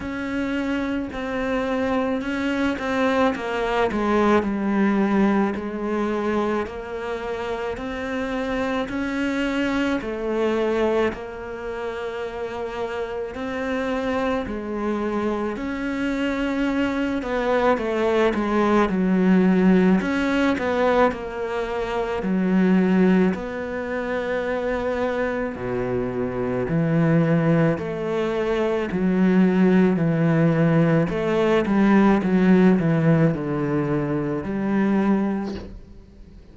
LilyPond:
\new Staff \with { instrumentName = "cello" } { \time 4/4 \tempo 4 = 54 cis'4 c'4 cis'8 c'8 ais8 gis8 | g4 gis4 ais4 c'4 | cis'4 a4 ais2 | c'4 gis4 cis'4. b8 |
a8 gis8 fis4 cis'8 b8 ais4 | fis4 b2 b,4 | e4 a4 fis4 e4 | a8 g8 fis8 e8 d4 g4 | }